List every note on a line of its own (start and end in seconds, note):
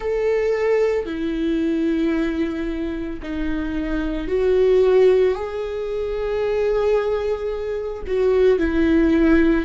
0.00 1.05 A4
1.05 3.19 E4
3.22 4.27 D#4
4.27 5.34 F#4
5.35 8.03 G#4
8.06 8.58 F#4
8.58 9.65 E4